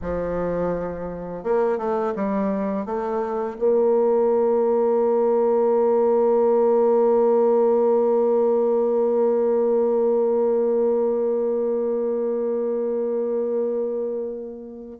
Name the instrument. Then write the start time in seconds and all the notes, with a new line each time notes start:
bassoon
0.01 F3
1.43 A#3
1.78 A3
2.15 G3
2.85 A3
3.58 A#3